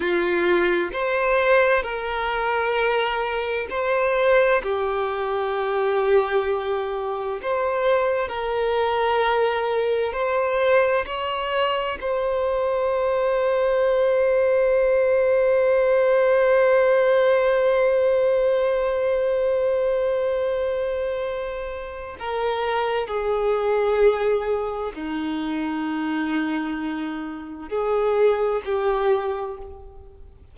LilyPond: \new Staff \with { instrumentName = "violin" } { \time 4/4 \tempo 4 = 65 f'4 c''4 ais'2 | c''4 g'2. | c''4 ais'2 c''4 | cis''4 c''2.~ |
c''1~ | c''1 | ais'4 gis'2 dis'4~ | dis'2 gis'4 g'4 | }